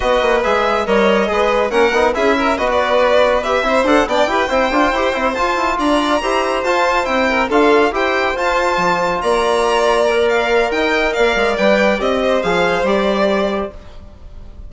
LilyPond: <<
  \new Staff \with { instrumentName = "violin" } { \time 4/4 \tempo 4 = 140 dis''4 e''4 dis''2 | fis''4 e''4 dis''16 d''4.~ d''16 | e''4 fis''8 g''2~ g''8~ | g''8 a''4 ais''2 a''8~ |
a''8 g''4 f''4 g''4 a''8~ | a''4. ais''2~ ais''8 | f''4 g''4 f''4 g''4 | dis''4 f''4 d''2 | }
  \new Staff \with { instrumentName = "violin" } { \time 4/4 b'2 cis''4 b'4 | ais'4 gis'8 ais'8 b'2~ | b'8 c''4 d''8 b'8 c''4.~ | c''4. d''4 c''4.~ |
c''4 ais'8 a'4 c''4.~ | c''4. d''2~ d''8~ | d''4 dis''4 d''2~ | d''8 c''2.~ c''8 | }
  \new Staff \with { instrumentName = "trombone" } { \time 4/4 fis'4 gis'4 ais'4 gis'4 | cis'8 dis'8 e'4 fis'2 | g'8 e'8 a'8 d'8 g'8 e'8 f'8 g'8 | e'8 f'2 g'4 f'8~ |
f'8 e'4 f'4 g'4 f'8~ | f'2.~ f'8 ais'8~ | ais'2. b'4 | g'4 gis'4 g'2 | }
  \new Staff \with { instrumentName = "bassoon" } { \time 4/4 b8 ais8 gis4 g4 gis4 | ais8 b8 cis'4 b2~ | b8 c'8 d'8 b8 e'8 c'8 d'8 e'8 | c'8 f'8 e'8 d'4 e'4 f'8~ |
f'8 c'4 d'4 e'4 f'8~ | f'8 f4 ais2~ ais8~ | ais4 dis'4 ais8 gis8 g4 | c'4 f4 g2 | }
>>